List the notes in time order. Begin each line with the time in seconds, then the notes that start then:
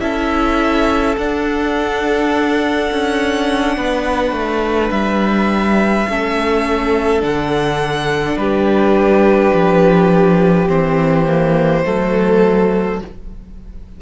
0.00 C#4 E4 A4 E5
1.17 D4 F#5
2.92 C#4
3.77 B3 B4
4.32 A3
4.90 G3 E5
6.09 A3 C#4 A4
7.20 D3 D4 F#5
8.37 G3 G4 B4
9.54 F3
10.68 E3 C4 C5
11.26 A#3
11.85 F#3 A3 A4